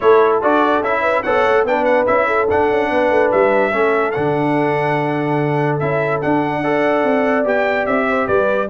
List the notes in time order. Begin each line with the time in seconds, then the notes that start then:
0.00 A3 E4 A4 C#5
0.41 D4 F#4 D5
0.81 C#4 E4 E5
1.01 B4
1.23 B3 A4 C#5 F#5
1.45 A3
1.64 B3 D4 B4 G5
1.84 F#5
2.06 C#4 E4 E5
2.26 A4
2.50 D4 F#5
2.70 C#4
2.90 B3 B4
3.10 A3
3.31 G3 E5
3.71 A3 C#4 A4
4.11 D3 D4 F#5
5.79 C#4 E4 E5
6.21 D4 F#5
6.61 A4 D5
7.03 C4
7.44 B3 G4 G5
7.86 C4 E5
8.08 C5
8.27 G3 B4 D5